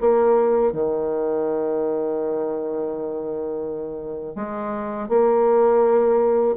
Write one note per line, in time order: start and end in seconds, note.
0.00 0.72 A#3
0.72 4.35 D#3
4.35 5.08 G#3
5.08 6.55 A#3